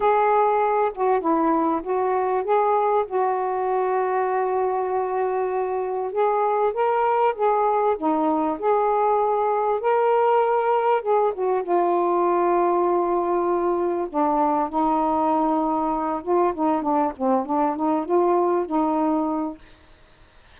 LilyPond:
\new Staff \with { instrumentName = "saxophone" } { \time 4/4 \tempo 4 = 98 gis'4. fis'8 e'4 fis'4 | gis'4 fis'2.~ | fis'2 gis'4 ais'4 | gis'4 dis'4 gis'2 |
ais'2 gis'8 fis'8 f'4~ | f'2. d'4 | dis'2~ dis'8 f'8 dis'8 d'8 | c'8 d'8 dis'8 f'4 dis'4. | }